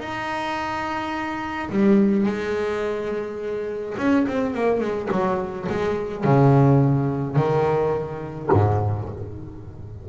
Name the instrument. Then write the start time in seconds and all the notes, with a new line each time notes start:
double bass
0.00 D#4
1.70 G3
2.27 G#3
3.98 C#4
4.28 C4
4.55 A#3
4.81 G#3
5.11 F#3
5.69 G#3
6.25 C#3
7.37 D#3
8.53 G#2